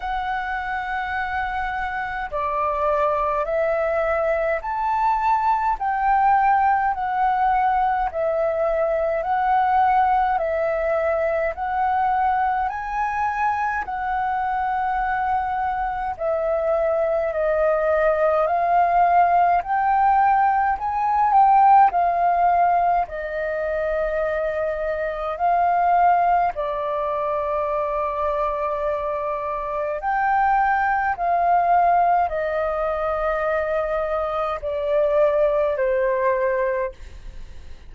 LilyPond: \new Staff \with { instrumentName = "flute" } { \time 4/4 \tempo 4 = 52 fis''2 d''4 e''4 | a''4 g''4 fis''4 e''4 | fis''4 e''4 fis''4 gis''4 | fis''2 e''4 dis''4 |
f''4 g''4 gis''8 g''8 f''4 | dis''2 f''4 d''4~ | d''2 g''4 f''4 | dis''2 d''4 c''4 | }